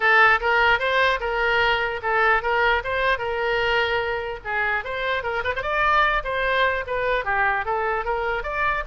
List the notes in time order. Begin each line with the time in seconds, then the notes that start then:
0.00 A4
0.40 A#4
0.79 C5
1.20 A#4
2.02 A4
2.42 A#4
2.84 C5
3.18 A#4
4.44 G#4
4.84 C5
5.23 A#4
5.43 B4
5.56 C5
5.62 D5
6.24 C5
6.86 B4
7.24 G4
7.65 A4
8.04 A#4
8.43 D5